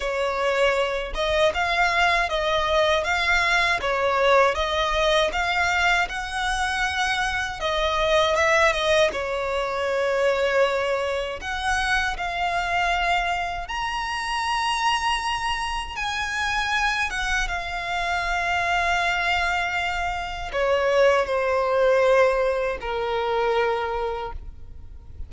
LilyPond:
\new Staff \with { instrumentName = "violin" } { \time 4/4 \tempo 4 = 79 cis''4. dis''8 f''4 dis''4 | f''4 cis''4 dis''4 f''4 | fis''2 dis''4 e''8 dis''8 | cis''2. fis''4 |
f''2 ais''2~ | ais''4 gis''4. fis''8 f''4~ | f''2. cis''4 | c''2 ais'2 | }